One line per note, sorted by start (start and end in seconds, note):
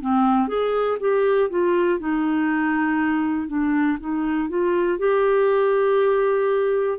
0.00 0.48 C4
0.48 0.98 G#4
1.00 1.49 G4
1.49 1.99 F4
1.99 3.47 D#4
3.47 3.97 D4
4.00 4.49 D#4
4.49 4.99 F4
4.99 6.98 G4